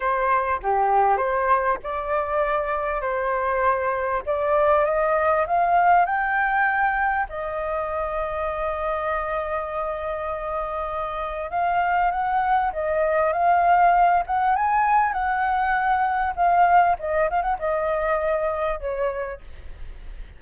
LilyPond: \new Staff \with { instrumentName = "flute" } { \time 4/4 \tempo 4 = 99 c''4 g'4 c''4 d''4~ | d''4 c''2 d''4 | dis''4 f''4 g''2 | dis''1~ |
dis''2. f''4 | fis''4 dis''4 f''4. fis''8 | gis''4 fis''2 f''4 | dis''8 f''16 fis''16 dis''2 cis''4 | }